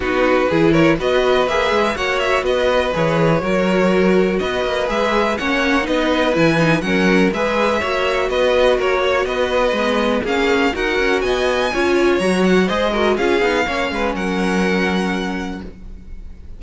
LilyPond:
<<
  \new Staff \with { instrumentName = "violin" } { \time 4/4 \tempo 4 = 123 b'4. cis''8 dis''4 e''4 | fis''8 e''8 dis''4 cis''2~ | cis''4 dis''4 e''4 fis''4 | dis''4 gis''4 fis''4 e''4~ |
e''4 dis''4 cis''4 dis''4~ | dis''4 f''4 fis''4 gis''4~ | gis''4 ais''8 fis''8 dis''4 f''4~ | f''4 fis''2. | }
  \new Staff \with { instrumentName = "violin" } { \time 4/4 fis'4 gis'8 ais'8 b'2 | cis''4 b'2 ais'4~ | ais'4 b'2 cis''4 | b'2 ais'4 b'4 |
cis''4 b'4 ais'8 cis''8 b'4~ | b'4 gis'4 ais'4 dis''4 | cis''2 c''8 ais'8 gis'4 | cis''8 b'8 ais'2. | }
  \new Staff \with { instrumentName = "viola" } { \time 4/4 dis'4 e'4 fis'4 gis'4 | fis'2 gis'4 fis'4~ | fis'2 gis'4 cis'4 | dis'4 e'8 dis'8 cis'4 gis'4 |
fis'1 | b4 cis'4 fis'2 | f'4 fis'4 gis'8 fis'8 f'8 dis'8 | cis'1 | }
  \new Staff \with { instrumentName = "cello" } { \time 4/4 b4 e4 b4 ais8 gis8 | ais4 b4 e4 fis4~ | fis4 b8 ais8 gis4 ais4 | b4 e4 fis4 gis4 |
ais4 b4 ais4 b4 | gis4 ais4 dis'8 cis'8 b4 | cis'4 fis4 gis4 cis'8 b8 | ais8 gis8 fis2. | }
>>